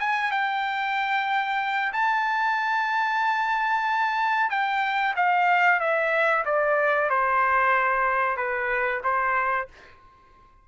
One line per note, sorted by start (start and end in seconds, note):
0.00 0.31 G#5
0.31 1.93 G5
1.93 4.50 A5
4.50 5.15 G5
5.16 5.80 F5
5.80 6.45 E5
6.45 7.10 D5
7.10 8.37 C5
8.37 9.02 B4
9.04 9.68 C5